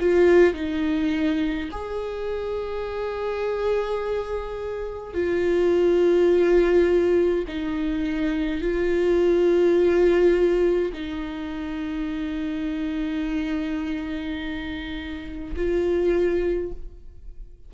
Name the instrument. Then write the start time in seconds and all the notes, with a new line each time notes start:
viola
0.00 F4
0.54 D#4
1.72 G#4
5.14 F4
7.48 D#4
8.62 F4
10.93 D#4
15.57 F4